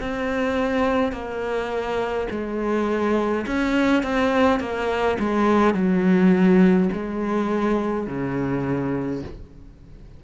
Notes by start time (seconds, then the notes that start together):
0.00 C4
1.12 A#3
2.30 G#3
3.47 C#4
4.03 C4
4.59 A#3
5.19 G#3
5.74 F#3
6.92 G#3
8.07 C#3